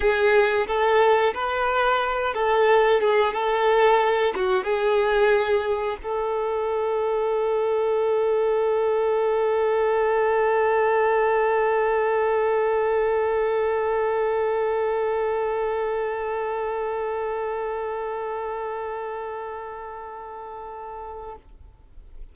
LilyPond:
\new Staff \with { instrumentName = "violin" } { \time 4/4 \tempo 4 = 90 gis'4 a'4 b'4. a'8~ | a'8 gis'8 a'4. fis'8 gis'4~ | gis'4 a'2.~ | a'1~ |
a'1~ | a'1~ | a'1~ | a'1 | }